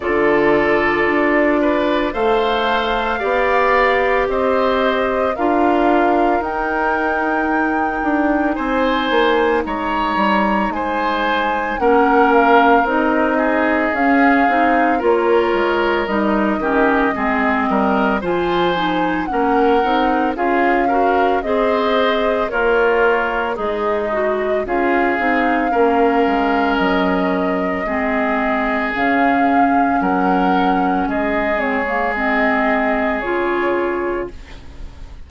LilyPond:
<<
  \new Staff \with { instrumentName = "flute" } { \time 4/4 \tempo 4 = 56 d''2 f''2 | dis''4 f''4 g''2 | gis''4 ais''4 gis''4 fis''8 f''8 | dis''4 f''4 cis''4 dis''4~ |
dis''4 gis''4 fis''4 f''4 | dis''4 cis''4 dis''4 f''4~ | f''4 dis''2 f''4 | fis''4 dis''8 cis''8 dis''4 cis''4 | }
  \new Staff \with { instrumentName = "oboe" } { \time 4/4 a'4. b'8 c''4 d''4 | c''4 ais'2. | c''4 cis''4 c''4 ais'4~ | ais'8 gis'4. ais'4. g'8 |
gis'8 ais'8 c''4 ais'4 gis'8 ais'8 | c''4 f'4 dis'4 gis'4 | ais'2 gis'2 | ais'4 gis'2. | }
  \new Staff \with { instrumentName = "clarinet" } { \time 4/4 f'2 a'4 g'4~ | g'4 f'4 dis'2~ | dis'2. cis'4 | dis'4 cis'8 dis'8 f'4 dis'8 cis'8 |
c'4 f'8 dis'8 cis'8 dis'8 f'8 fis'8 | gis'4 ais'4 gis'8 fis'8 f'8 dis'8 | cis'2 c'4 cis'4~ | cis'4. c'16 ais16 c'4 f'4 | }
  \new Staff \with { instrumentName = "bassoon" } { \time 4/4 d4 d'4 a4 b4 | c'4 d'4 dis'4. d'8 | c'8 ais8 gis8 g8 gis4 ais4 | c'4 cis'8 c'8 ais8 gis8 g8 dis8 |
gis8 g8 f4 ais8 c'8 cis'4 | c'4 ais4 gis4 cis'8 c'8 | ais8 gis8 fis4 gis4 cis4 | fis4 gis2 cis4 | }
>>